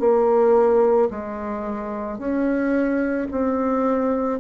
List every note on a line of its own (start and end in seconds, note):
0.00 1.09 A#3
1.11 2.19 G#3
2.19 3.28 C#4
3.32 4.40 C4